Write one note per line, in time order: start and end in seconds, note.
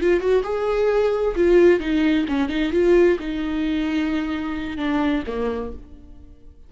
0.00 0.20 F4
0.20 0.43 F#4
0.43 1.35 G#4
1.36 1.79 F4
1.79 2.25 D#4
2.28 2.49 C#4
2.49 2.72 D#4
2.72 3.18 F4
3.19 4.77 D#4
4.77 5.23 D4
5.26 5.72 A#3